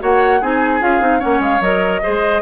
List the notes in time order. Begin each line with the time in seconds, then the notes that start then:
0.00 A#3 F#4 C#5 F#5
0.41 C4 D#4 G#4 G#5
0.81 C#4 F4 F5
1.01 C4 D#4
1.20 A#3 C#4 C#5 F#5
1.40 G#3 F5
1.61 F#3 A#4 D#5
2.03 G#3 G#4 C5